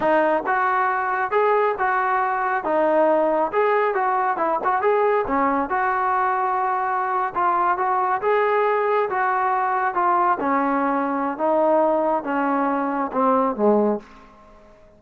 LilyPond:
\new Staff \with { instrumentName = "trombone" } { \time 4/4 \tempo 4 = 137 dis'4 fis'2 gis'4 | fis'2 dis'2 | gis'4 fis'4 e'8 fis'8 gis'4 | cis'4 fis'2.~ |
fis'8. f'4 fis'4 gis'4~ gis'16~ | gis'8. fis'2 f'4 cis'16~ | cis'2 dis'2 | cis'2 c'4 gis4 | }